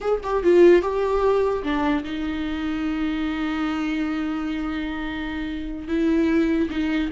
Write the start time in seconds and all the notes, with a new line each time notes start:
0.00 G#4
0.23 G4
0.43 F4
0.81 G4
1.63 D4
2.04 D#4
5.87 E4
6.69 D#4